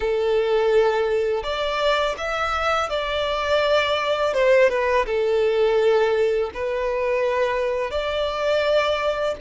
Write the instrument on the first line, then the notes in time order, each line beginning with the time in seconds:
violin
0.00 A4
1.43 D5
2.17 E5
2.89 D5
4.33 C5
4.69 B4
5.06 A4
6.54 B4
7.90 D5